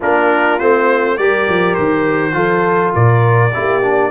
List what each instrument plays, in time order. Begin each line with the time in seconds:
0.00 tuba A#3, trombone D4, horn F4, trumpet A#4
0.59 tuba A3, trombone C4, trumpet C5
1.17 tuba G3, trombone G4, horn A#4, trumpet D5
1.48 tuba F3
1.74 tuba D#3, trumpet C5
2.32 tuba F3, trombone F4, horn A4
2.94 tuba A#2, horn A#4, trumpet D5
3.53 tuba A#3, trombone E4, horn G4
3.82 trombone D4